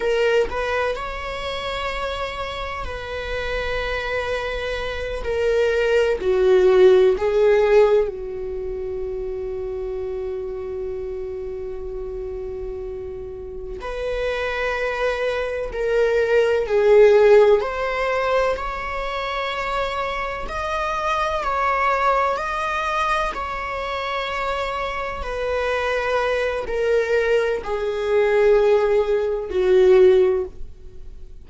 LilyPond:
\new Staff \with { instrumentName = "viola" } { \time 4/4 \tempo 4 = 63 ais'8 b'8 cis''2 b'4~ | b'4. ais'4 fis'4 gis'8~ | gis'8 fis'2.~ fis'8~ | fis'2~ fis'8 b'4.~ |
b'8 ais'4 gis'4 c''4 cis''8~ | cis''4. dis''4 cis''4 dis''8~ | dis''8 cis''2 b'4. | ais'4 gis'2 fis'4 | }